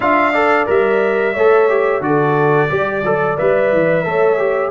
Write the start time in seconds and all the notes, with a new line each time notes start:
0.00 D4 F4 E5 F5
0.33 A4 D5
0.66 G3 A#4 E5
1.33 A3 A4 C#5
1.69 G4
2.00 D3 F#4 A4 D5
2.69 G3 G4 D5
3.03 F#3 A4
3.38 G3 B4 E5
3.72 E3
4.04 A3 A4 C#5
4.38 G4